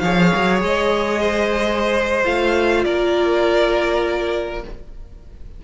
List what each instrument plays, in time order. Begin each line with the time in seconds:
0.00 cello F3, viola G#4, violin C#5 F5
0.35 cello F#3
0.62 cello G#3, violin D#5
1.22 violin C5
2.24 cello A3, viola F4, violin F5
2.84 cello A#3, violin A#4 D5